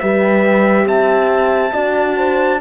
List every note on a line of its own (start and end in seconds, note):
0.00 0.86 G3
0.00 1.74 G4
0.00 0.87 B4
0.00 0.87 E5
0.86 1.72 C4
0.86 1.74 E5
0.86 2.61 A5
1.74 2.61 D4
1.74 2.61 F#4
1.74 2.17 D5
2.17 2.61 C5